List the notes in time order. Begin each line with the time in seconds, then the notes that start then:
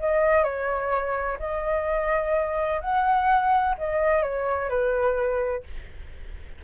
0.00 D#5
0.44 C#5
1.40 D#5
2.81 F#5
3.78 D#5
4.23 C#5
4.69 B4